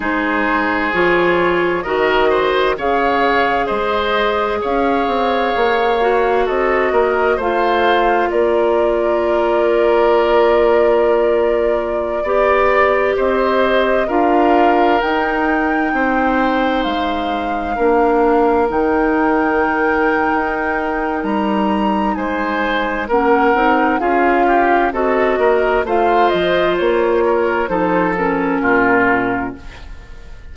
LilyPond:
<<
  \new Staff \with { instrumentName = "flute" } { \time 4/4 \tempo 4 = 65 c''4 cis''4 dis''4 f''4 | dis''4 f''2 dis''4 | f''4 d''2.~ | d''2~ d''16 dis''4 f''8.~ |
f''16 g''2 f''4.~ f''16~ | f''16 g''2~ g''8. ais''4 | gis''4 fis''4 f''4 dis''4 | f''8 dis''8 cis''4 c''8 ais'4. | }
  \new Staff \with { instrumentName = "oboe" } { \time 4/4 gis'2 ais'8 c''8 cis''4 | c''4 cis''2 a'8 ais'8 | c''4 ais'2.~ | ais'4~ ais'16 d''4 c''4 ais'8.~ |
ais'4~ ais'16 c''2 ais'8.~ | ais'1 | c''4 ais'4 gis'8 g'8 a'8 ais'8 | c''4. ais'8 a'4 f'4 | }
  \new Staff \with { instrumentName = "clarinet" } { \time 4/4 dis'4 f'4 fis'4 gis'4~ | gis'2~ gis'8 fis'4. | f'1~ | f'4~ f'16 g'2 f'8.~ |
f'16 dis'2. d'8.~ | d'16 dis'2.~ dis'8.~ | dis'4 cis'8 dis'8 f'4 fis'4 | f'2 dis'8 cis'4. | }
  \new Staff \with { instrumentName = "bassoon" } { \time 4/4 gis4 f4 dis4 cis4 | gis4 cis'8 c'8 ais4 c'8 ais8 | a4 ais2.~ | ais4~ ais16 b4 c'4 d'8.~ |
d'16 dis'4 c'4 gis4 ais8.~ | ais16 dis4.~ dis16 dis'4 g4 | gis4 ais8 c'8 cis'4 c'8 ais8 | a8 f8 ais4 f4 ais,4 | }
>>